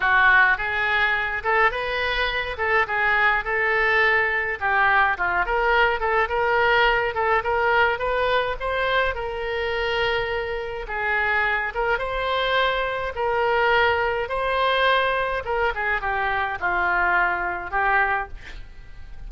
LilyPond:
\new Staff \with { instrumentName = "oboe" } { \time 4/4 \tempo 4 = 105 fis'4 gis'4. a'8 b'4~ | b'8 a'8 gis'4 a'2 | g'4 f'8 ais'4 a'8 ais'4~ | ais'8 a'8 ais'4 b'4 c''4 |
ais'2. gis'4~ | gis'8 ais'8 c''2 ais'4~ | ais'4 c''2 ais'8 gis'8 | g'4 f'2 g'4 | }